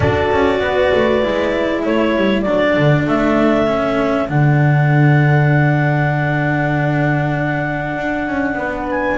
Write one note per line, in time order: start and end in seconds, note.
0.00 0.30 D4
0.00 1.22 F#4
0.00 0.61 A4
0.00 1.83 D5
0.31 0.60 C#4
0.60 0.90 B3
0.60 1.84 B4
0.94 1.24 A3
1.22 1.85 G#3
1.22 2.45 E4
1.84 2.16 A3
1.84 8.57 A4
1.84 2.41 C#5
2.16 2.46 G3
2.41 2.76 F#3
2.41 3.67 D4
2.41 3.02 D5
2.77 3.07 D3
3.07 4.29 A3
3.07 4.28 E5
3.67 4.28 C#4
4.28 7.96 D3
4.28 9.18 D4
4.28 8.88 F#5
7.97 8.27 D4
8.27 8.53 C#4
8.53 9.15 B3
8.53 9.18 B4
8.90 9.18 G#5